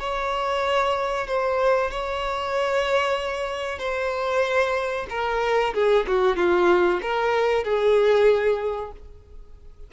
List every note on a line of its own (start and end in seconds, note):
0.00 1.27 C#5
1.27 1.91 C5
1.91 3.79 C#5
3.79 5.07 C5
5.10 5.74 A#4
5.74 6.06 G#4
6.08 6.37 F#4
6.37 7.01 F4
7.02 7.65 A#4
7.65 8.92 G#4